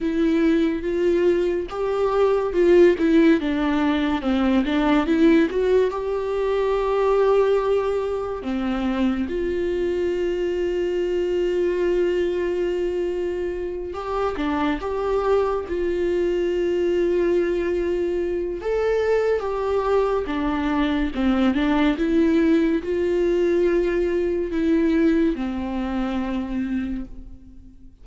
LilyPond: \new Staff \with { instrumentName = "viola" } { \time 4/4 \tempo 4 = 71 e'4 f'4 g'4 f'8 e'8 | d'4 c'8 d'8 e'8 fis'8 g'4~ | g'2 c'4 f'4~ | f'1~ |
f'8 g'8 d'8 g'4 f'4.~ | f'2 a'4 g'4 | d'4 c'8 d'8 e'4 f'4~ | f'4 e'4 c'2 | }